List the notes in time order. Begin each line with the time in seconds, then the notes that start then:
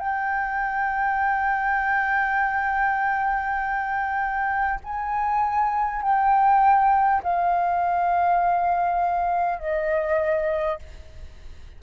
0.00 G5
4.84 G#5
6.02 G5
7.23 F5
9.59 D#5